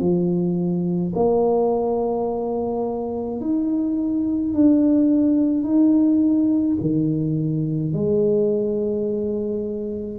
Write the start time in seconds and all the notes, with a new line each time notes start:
0.00 F3
1.15 A#3
3.41 D#4
4.54 D4
5.64 D#4
6.81 D#3
7.93 G#3